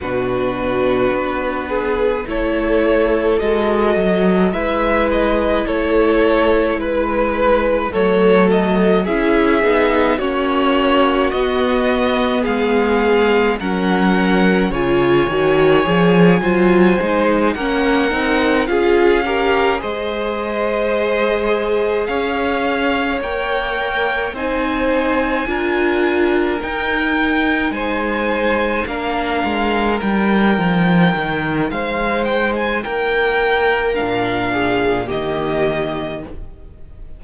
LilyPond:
<<
  \new Staff \with { instrumentName = "violin" } { \time 4/4 \tempo 4 = 53 b'2 cis''4 dis''4 | e''8 dis''8 cis''4 b'4 cis''8 dis''8 | e''4 cis''4 dis''4 f''4 | fis''4 gis''2~ gis''8 fis''8~ |
fis''8 f''4 dis''2 f''8~ | f''8 g''4 gis''2 g''8~ | g''8 gis''4 f''4 g''4. | f''8 g''16 gis''16 g''4 f''4 dis''4 | }
  \new Staff \with { instrumentName = "violin" } { \time 4/4 fis'4. gis'8 a'2 | b'4 a'4 b'4 a'4 | gis'4 fis'2 gis'4 | ais'4 cis''4. c''4 ais'8~ |
ais'8 gis'8 ais'8 c''2 cis''8~ | cis''4. c''4 ais'4.~ | ais'8 c''4 ais'2~ ais'8 | c''4 ais'4. gis'8 g'4 | }
  \new Staff \with { instrumentName = "viola" } { \time 4/4 d'2 e'4 fis'4 | e'2. a4 | e'8 dis'8 cis'4 b2 | cis'4 f'8 fis'8 gis'8 f'8 dis'8 cis'8 |
dis'8 f'8 g'8 gis'2~ gis'8~ | gis'8 ais'4 dis'4 f'4 dis'8~ | dis'4. d'4 dis'4.~ | dis'2 d'4 ais4 | }
  \new Staff \with { instrumentName = "cello" } { \time 4/4 b,4 b4 a4 gis8 fis8 | gis4 a4 gis4 fis4 | cis'8 b8 ais4 b4 gis4 | fis4 cis8 dis8 f8 fis8 gis8 ais8 |
c'8 cis'4 gis2 cis'8~ | cis'8 ais4 c'4 d'4 dis'8~ | dis'8 gis4 ais8 gis8 g8 f8 dis8 | gis4 ais4 ais,4 dis4 | }
>>